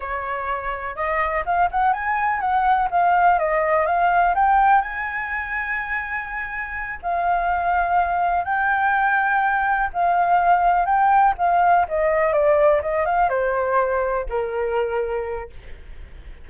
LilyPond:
\new Staff \with { instrumentName = "flute" } { \time 4/4 \tempo 4 = 124 cis''2 dis''4 f''8 fis''8 | gis''4 fis''4 f''4 dis''4 | f''4 g''4 gis''2~ | gis''2~ gis''8 f''4.~ |
f''4. g''2~ g''8~ | g''8 f''2 g''4 f''8~ | f''8 dis''4 d''4 dis''8 f''8 c''8~ | c''4. ais'2~ ais'8 | }